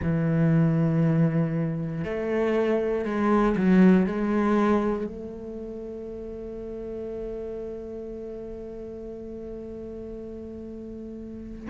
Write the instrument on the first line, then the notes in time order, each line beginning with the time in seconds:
cello
0.02 E3
2.04 A3
3.05 G#3
3.56 F#3
4.06 G#3
5.06 A3